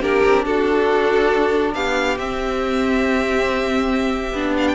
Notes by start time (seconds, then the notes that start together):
0.00 A#3 D4 G4 A#4
0.24 C4
0.45 D4 F#4 A4
1.74 B3 G4 F5
2.17 C4 E5
4.32 B3 D4
4.57 F5
4.68 G5